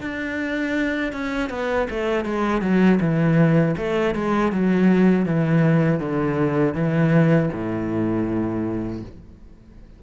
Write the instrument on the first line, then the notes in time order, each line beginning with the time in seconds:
cello
0.00 D4
1.12 C#4
1.49 B3
1.90 A3
2.24 G#3
2.61 F#3
3.00 E3
3.77 A3
4.15 G#3
4.51 F#3
5.25 E3
5.99 D3
6.74 E3
7.52 A2